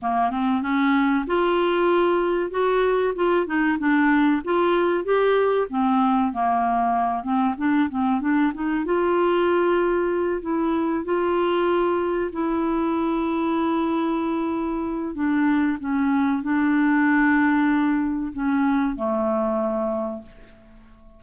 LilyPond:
\new Staff \with { instrumentName = "clarinet" } { \time 4/4 \tempo 4 = 95 ais8 c'8 cis'4 f'2 | fis'4 f'8 dis'8 d'4 f'4 | g'4 c'4 ais4. c'8 | d'8 c'8 d'8 dis'8 f'2~ |
f'8 e'4 f'2 e'8~ | e'1 | d'4 cis'4 d'2~ | d'4 cis'4 a2 | }